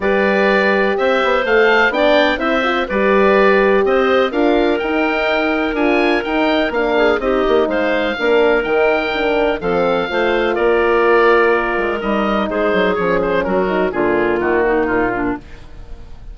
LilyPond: <<
  \new Staff \with { instrumentName = "oboe" } { \time 4/4 \tempo 4 = 125 d''2 e''4 f''4 | g''4 e''4 d''2 | dis''4 f''4 g''2 | gis''4 g''4 f''4 dis''4 |
f''2 g''2 | f''2 d''2~ | d''4 dis''4 c''4 cis''8 c''8 | ais'4 gis'4 fis'4 f'4 | }
  \new Staff \with { instrumentName = "clarinet" } { \time 4/4 b'2 c''2 | d''4 c''4 b'2 | c''4 ais'2.~ | ais'2~ ais'8 gis'8 g'4 |
c''4 ais'2. | a'4 c''4 ais'2~ | ais'2 gis'2 | fis'4 f'4. dis'4 d'8 | }
  \new Staff \with { instrumentName = "horn" } { \time 4/4 g'2. a'4 | d'4 e'8 f'8 g'2~ | g'4 f'4 dis'2 | f'4 dis'4 d'4 dis'4~ |
dis'4 d'4 dis'4 d'4 | c'4 f'2.~ | f'4 dis'2 cis'4~ | cis'8 dis'8 ais2. | }
  \new Staff \with { instrumentName = "bassoon" } { \time 4/4 g2 c'8 b8 a4 | b4 c'4 g2 | c'4 d'4 dis'2 | d'4 dis'4 ais4 c'8 ais8 |
gis4 ais4 dis2 | f4 a4 ais2~ | ais8 gis8 g4 gis8 fis8 f4 | fis4 d4 dis4 ais,4 | }
>>